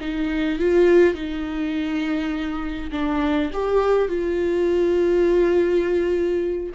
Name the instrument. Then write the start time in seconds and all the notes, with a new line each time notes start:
viola
0.00 D#4
0.59 F4
1.14 D#4
2.92 D4
3.53 G4
4.08 F4